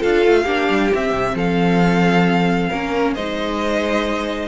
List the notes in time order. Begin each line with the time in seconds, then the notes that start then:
0.00 D4 F4 A4 F5
0.26 A3
0.43 A#3 D4 G4
0.70 G3
0.93 C4 E5
1.11 C3
1.35 F3 A4 F5
2.69 A#3 C#4 A#4
3.15 G#3 D#4 C5 D#5